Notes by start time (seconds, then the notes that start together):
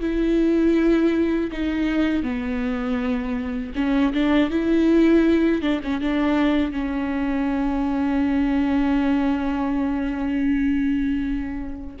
0.00 E4
1.51 D#4
2.23 B3
3.75 C#4
4.13 D4
4.50 E4
5.61 D4
5.83 C#4
6.00 D4
6.71 C#4